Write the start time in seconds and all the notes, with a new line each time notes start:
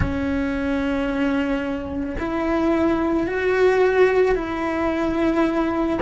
0.00 C#4
2.19 E4
3.27 F#4
4.35 E4